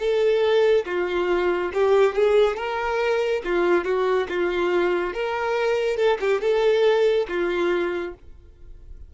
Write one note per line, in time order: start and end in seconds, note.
0.00 0.86 A4
0.86 1.72 F4
1.74 2.15 G4
2.15 2.57 G#4
2.57 3.42 A#4
3.45 3.85 F4
3.85 4.27 F#4
4.29 5.14 F4
5.14 5.97 A#4
5.97 6.18 A4
6.21 6.41 G4
6.41 7.27 A4
7.29 8.14 F4